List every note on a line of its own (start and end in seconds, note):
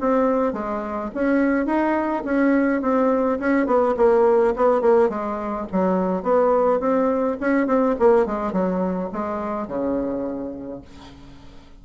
0.00 0.52 C4
0.52 1.10 G#3
1.14 1.65 C#4
1.65 2.23 D#4
2.24 2.81 C#4
2.81 3.38 C4
3.39 3.66 C#4
3.66 3.95 B3
3.96 4.54 A#3
4.56 4.81 B3
4.81 5.09 A#3
5.09 5.66 G#3
5.71 6.23 F#3
6.23 6.80 B3
6.80 7.37 C4
7.40 7.66 C#4
7.66 7.95 C4
7.99 8.26 A#3
8.26 8.52 G#3
8.52 9.09 F#3
9.12 9.67 G#3
9.67 10.81 C#3